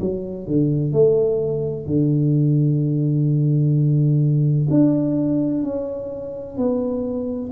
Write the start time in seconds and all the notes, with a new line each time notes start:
0.00 F#3
0.47 D3
0.92 A3
1.86 D3
4.70 D4
5.64 C#4
6.57 B3